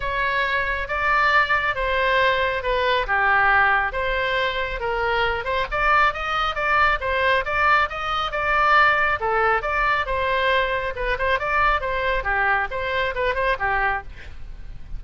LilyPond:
\new Staff \with { instrumentName = "oboe" } { \time 4/4 \tempo 4 = 137 cis''2 d''2 | c''2 b'4 g'4~ | g'4 c''2 ais'4~ | ais'8 c''8 d''4 dis''4 d''4 |
c''4 d''4 dis''4 d''4~ | d''4 a'4 d''4 c''4~ | c''4 b'8 c''8 d''4 c''4 | g'4 c''4 b'8 c''8 g'4 | }